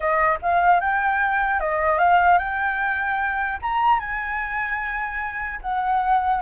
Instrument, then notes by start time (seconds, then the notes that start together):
flute
0.00 D#5
0.42 F5
0.80 G5
1.60 D#5
1.98 F5
2.38 G5
3.61 A#5
3.99 G#5
5.61 F#5